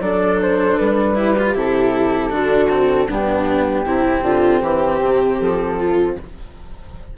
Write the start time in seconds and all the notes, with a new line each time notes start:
0.00 F#3 D4 A4 D5
0.41 C5
0.78 G3 B4
1.15 E4 G4
1.38 F4
1.54 C3 E4 A4
2.30 D3 D4 F#4
2.69 C4
3.08 G2 B3 D4 G4
3.86 C3 C4 E4
4.22 D3 F4
4.61 E3 G4
5.01 C3
5.40 F3 A4
5.78 F4